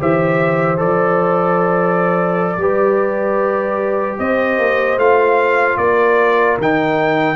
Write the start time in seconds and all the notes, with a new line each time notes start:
0.00 E3 G4 C5 E5
0.78 F3 A4 D5
2.57 G3 G4 B4
4.19 C4 C5 D#5
4.59 A#3
4.97 A3 F4 F5
5.78 A#3 A#4 D5
6.58 D#3 D#4 G5